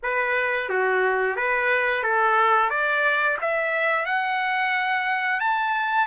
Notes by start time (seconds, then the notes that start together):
0.02 B4
0.69 F#4
1.36 B4
2.03 A4
2.70 D5
3.41 E5
4.05 F#5
5.40 A5